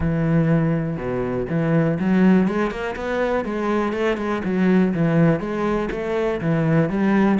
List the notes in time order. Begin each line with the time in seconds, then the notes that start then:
0.00 E3
0.97 B2
1.49 E3
1.99 F#3
2.48 G#3
2.70 A#3
2.96 B3
3.44 G#3
3.93 A3
4.17 G#3
4.44 F#3
4.93 E3
5.40 G#3
5.91 A3
6.40 E3
6.89 G3